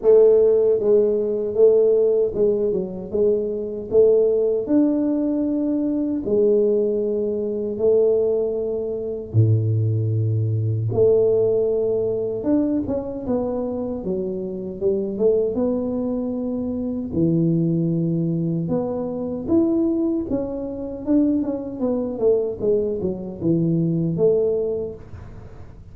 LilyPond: \new Staff \with { instrumentName = "tuba" } { \time 4/4 \tempo 4 = 77 a4 gis4 a4 gis8 fis8 | gis4 a4 d'2 | gis2 a2 | a,2 a2 |
d'8 cis'8 b4 fis4 g8 a8 | b2 e2 | b4 e'4 cis'4 d'8 cis'8 | b8 a8 gis8 fis8 e4 a4 | }